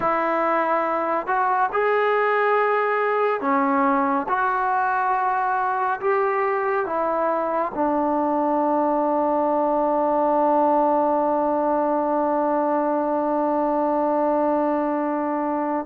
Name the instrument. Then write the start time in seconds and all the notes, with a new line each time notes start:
trombone
0.00 E4
1.27 F#4
1.72 G#4
3.41 C#4
4.28 F#4
6.00 G4
6.86 E4
7.74 D4